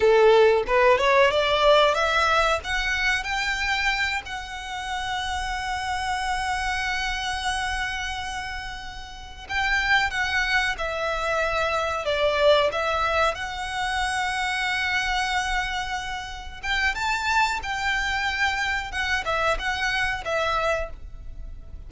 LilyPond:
\new Staff \with { instrumentName = "violin" } { \time 4/4 \tempo 4 = 92 a'4 b'8 cis''8 d''4 e''4 | fis''4 g''4. fis''4.~ | fis''1~ | fis''2~ fis''8 g''4 fis''8~ |
fis''8 e''2 d''4 e''8~ | e''8 fis''2.~ fis''8~ | fis''4. g''8 a''4 g''4~ | g''4 fis''8 e''8 fis''4 e''4 | }